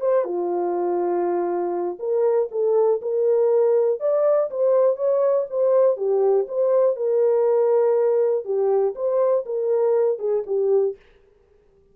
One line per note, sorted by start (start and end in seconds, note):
0.00 0.24 C5
0.24 1.98 F4
1.99 2.49 A#4
2.51 3.00 A4
3.02 4.00 A#4
4.00 4.49 D5
4.50 4.96 C5
4.96 5.46 C#5
5.50 5.96 C5
5.96 6.46 G4
6.48 6.96 C5
6.96 8.44 A#4
8.44 8.94 G4
8.95 9.45 C5
9.46 10.19 A#4
10.19 10.43 G#4
10.46 10.96 G4